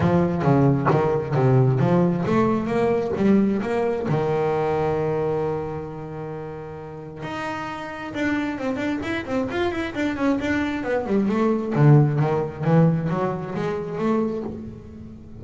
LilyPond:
\new Staff \with { instrumentName = "double bass" } { \time 4/4 \tempo 4 = 133 f4 cis4 dis4 c4 | f4 a4 ais4 g4 | ais4 dis2.~ | dis1 |
dis'2 d'4 c'8 d'8 | e'8 c'8 f'8 e'8 d'8 cis'8 d'4 | b8 g8 a4 d4 dis4 | e4 fis4 gis4 a4 | }